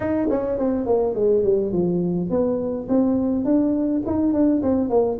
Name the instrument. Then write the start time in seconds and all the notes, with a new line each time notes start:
tuba
0.00 D#4
0.29 C#4
0.58 C4
0.86 A#3
1.14 G#3
1.43 G3
1.72 F3
2.29 B3
2.88 C4
3.44 D4
4.05 D#4
4.33 D4
4.62 C4
4.89 A#3